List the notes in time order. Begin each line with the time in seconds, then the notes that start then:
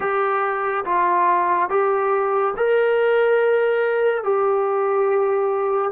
0.00 G4
0.85 F4
1.69 G4
2.57 A#4
4.23 G4